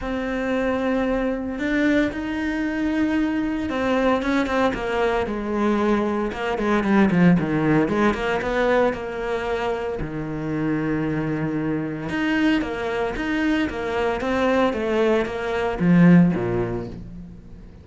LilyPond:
\new Staff \with { instrumentName = "cello" } { \time 4/4 \tempo 4 = 114 c'2. d'4 | dis'2. c'4 | cis'8 c'8 ais4 gis2 | ais8 gis8 g8 f8 dis4 gis8 ais8 |
b4 ais2 dis4~ | dis2. dis'4 | ais4 dis'4 ais4 c'4 | a4 ais4 f4 ais,4 | }